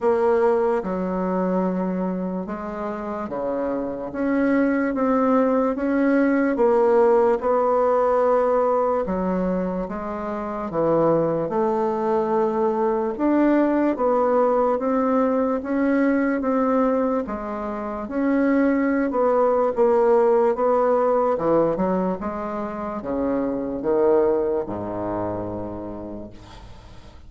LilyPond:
\new Staff \with { instrumentName = "bassoon" } { \time 4/4 \tempo 4 = 73 ais4 fis2 gis4 | cis4 cis'4 c'4 cis'4 | ais4 b2 fis4 | gis4 e4 a2 |
d'4 b4 c'4 cis'4 | c'4 gis4 cis'4~ cis'16 b8. | ais4 b4 e8 fis8 gis4 | cis4 dis4 gis,2 | }